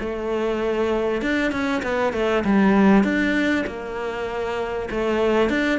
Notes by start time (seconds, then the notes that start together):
0.00 A3
1.22 D4
1.52 C#4
1.83 B3
2.13 A3
2.45 G3
3.04 D4
3.67 A#3
4.91 A3
5.50 D4